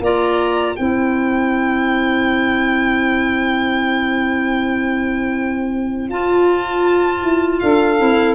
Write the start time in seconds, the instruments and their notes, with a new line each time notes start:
0.00 tuba A#3, clarinet F4, saxophone D5, violin A#5
0.76 tuba C4, clarinet E4, saxophone C5, violin G5
6.10 tuba F4, clarinet F4, violin A5
7.23 tuba E4
7.59 tuba D4, saxophone A4, violin F5
7.98 tuba C4, clarinet E4